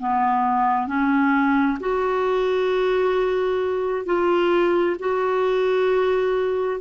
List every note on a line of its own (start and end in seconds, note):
0.00 0.88 B3
0.88 1.79 C#4
1.80 4.06 F#4
4.06 4.97 F4
5.00 6.81 F#4